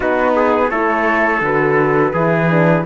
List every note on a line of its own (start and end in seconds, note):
0.00 0.71 B3
0.00 0.68 D#4
0.00 0.32 F#4
0.00 0.69 B4
0.35 0.70 G#4
0.69 1.40 A3
0.69 1.42 E4
0.69 2.13 A4
0.69 1.41 C#5
1.40 2.12 D3
1.40 2.14 F#4
1.40 2.85 B4
2.13 2.85 E3
2.13 2.50 E4
2.13 2.84 G#4
2.50 2.85 D4